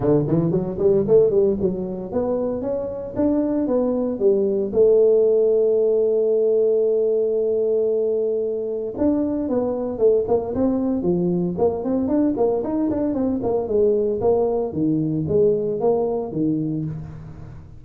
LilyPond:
\new Staff \with { instrumentName = "tuba" } { \time 4/4 \tempo 4 = 114 d8 e8 fis8 g8 a8 g8 fis4 | b4 cis'4 d'4 b4 | g4 a2.~ | a1~ |
a4 d'4 b4 a8 ais8 | c'4 f4 ais8 c'8 d'8 ais8 | dis'8 d'8 c'8 ais8 gis4 ais4 | dis4 gis4 ais4 dis4 | }